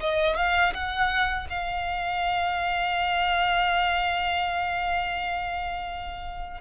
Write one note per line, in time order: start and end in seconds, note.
0.00 0.37 D#5
0.37 0.73 F5
0.74 1.47 F#5
1.50 6.61 F5